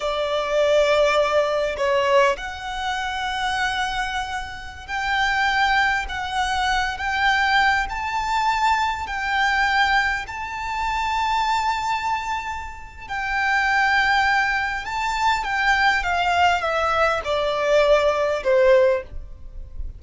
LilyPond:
\new Staff \with { instrumentName = "violin" } { \time 4/4 \tempo 4 = 101 d''2. cis''4 | fis''1~ | fis''16 g''2 fis''4. g''16~ | g''4~ g''16 a''2 g''8.~ |
g''4~ g''16 a''2~ a''8.~ | a''2 g''2~ | g''4 a''4 g''4 f''4 | e''4 d''2 c''4 | }